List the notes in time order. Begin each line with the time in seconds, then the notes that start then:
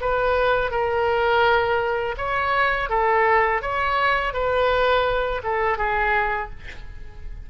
0.00 B4
0.71 A#4
2.17 C#5
2.89 A4
3.61 C#5
4.33 B4
5.43 A4
5.77 G#4